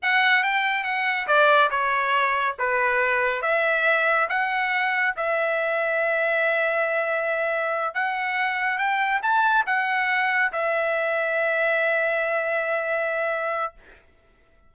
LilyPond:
\new Staff \with { instrumentName = "trumpet" } { \time 4/4 \tempo 4 = 140 fis''4 g''4 fis''4 d''4 | cis''2 b'2 | e''2 fis''2 | e''1~ |
e''2~ e''8 fis''4.~ | fis''8 g''4 a''4 fis''4.~ | fis''8 e''2.~ e''8~ | e''1 | }